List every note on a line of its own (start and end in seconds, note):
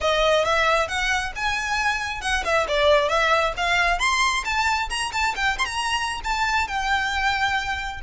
0.00 0.44 D#5
0.44 0.87 E5
0.87 1.32 F#5
1.35 2.21 G#5
2.21 2.43 F#5
2.44 2.66 E5
2.67 3.08 D5
3.08 3.53 E5
3.56 3.99 F5
3.99 4.43 C6
4.44 4.89 A5
4.89 5.11 A#5
5.12 5.34 A5
5.35 5.58 G5
5.58 5.65 C6
5.65 6.21 A#5
6.24 6.67 A5
6.67 8.01 G5